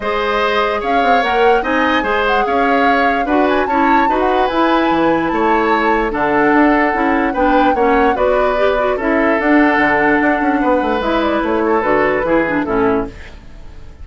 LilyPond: <<
  \new Staff \with { instrumentName = "flute" } { \time 4/4 \tempo 4 = 147 dis''2 f''4 fis''4 | gis''4. fis''8 f''2 | fis''8 gis''8 a''4~ a''16 fis''8. gis''4~ | gis''4 a''2 fis''4~ |
fis''2 g''4 fis''4 | d''2 e''4 fis''4~ | fis''2. e''8 d''8 | cis''4 b'2 a'4 | }
  \new Staff \with { instrumentName = "oboe" } { \time 4/4 c''2 cis''2 | dis''4 c''4 cis''2 | b'4 cis''4 b'2~ | b'4 cis''2 a'4~ |
a'2 b'4 cis''4 | b'2 a'2~ | a'2 b'2~ | b'8 a'4. gis'4 e'4 | }
  \new Staff \with { instrumentName = "clarinet" } { \time 4/4 gis'2. ais'4 | dis'4 gis'2. | fis'4 e'4 fis'4 e'4~ | e'2. d'4~ |
d'4 e'4 d'4 cis'4 | fis'4 g'8 fis'8 e'4 d'4~ | d'2. e'4~ | e'4 fis'4 e'8 d'8 cis'4 | }
  \new Staff \with { instrumentName = "bassoon" } { \time 4/4 gis2 cis'8 c'8 ais4 | c'4 gis4 cis'2 | d'4 cis'4 dis'4 e'4 | e4 a2 d4 |
d'4 cis'4 b4 ais4 | b2 cis'4 d'4 | d4 d'8 cis'8 b8 a8 gis4 | a4 d4 e4 a,4 | }
>>